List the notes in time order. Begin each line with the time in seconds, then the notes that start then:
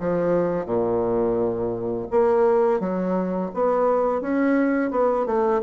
0.00 F3
0.65 A#2
2.10 A#3
2.80 F#3
3.54 B3
4.21 C#4
4.91 B3
5.26 A3